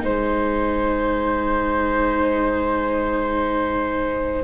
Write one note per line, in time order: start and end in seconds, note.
0.00 4.44 G#3
0.00 4.42 D#4
0.00 4.44 C5
0.00 4.44 G#5